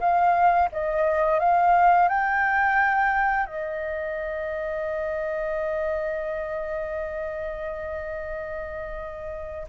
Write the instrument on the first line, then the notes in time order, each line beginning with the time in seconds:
flute
0.00 F5
0.72 D#5
1.39 F5
2.08 G5
3.46 D#5